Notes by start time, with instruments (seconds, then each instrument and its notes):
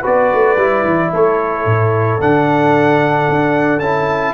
0.00 tuba B3, trombone F#4, horn B4, trumpet D5
0.33 tuba A3
0.56 tuba G3, trombone E4
0.84 tuba E3
1.12 tuba A3, horn A4, trumpet C#5
1.65 tuba A2
2.19 tuba D3, trombone D4, trumpet F#5
3.29 tuba D4
3.79 tuba C#4, trombone E4, trumpet A5